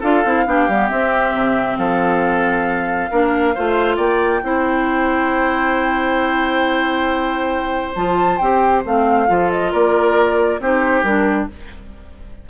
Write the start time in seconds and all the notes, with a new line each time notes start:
0.00 D4 F4 A4 F5
0.24 C4 E4
0.46 B3 D4 G4
0.68 G3 B3
0.89 C4 E5
1.33 C3
1.77 F3 A4 F5
3.11 A#3 D4 A#4
3.55 A3 F4 C5
3.96 A#3 D5 G5
4.42 C4 E4 C5
7.95 F3 F4 A5
8.38 C4 G4 G5
8.85 A3 C4 F5
9.27 F3 F4 A4
9.51 D#5
9.72 A#3 A#4 D5
10.59 C4 D#4 G4 C5
11.03 G3 D4 A#4